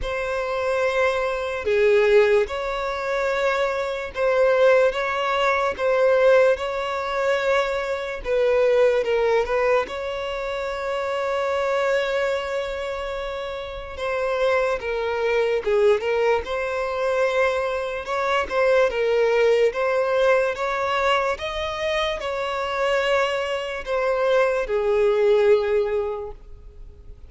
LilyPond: \new Staff \with { instrumentName = "violin" } { \time 4/4 \tempo 4 = 73 c''2 gis'4 cis''4~ | cis''4 c''4 cis''4 c''4 | cis''2 b'4 ais'8 b'8 | cis''1~ |
cis''4 c''4 ais'4 gis'8 ais'8 | c''2 cis''8 c''8 ais'4 | c''4 cis''4 dis''4 cis''4~ | cis''4 c''4 gis'2 | }